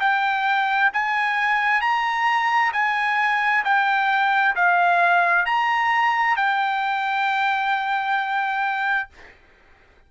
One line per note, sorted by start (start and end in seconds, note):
0.00 0.91 G5
0.93 1.81 G#5
1.81 2.72 A#5
2.73 3.64 G#5
3.64 4.55 G5
4.55 5.45 F5
5.45 6.36 A#5
6.36 9.09 G5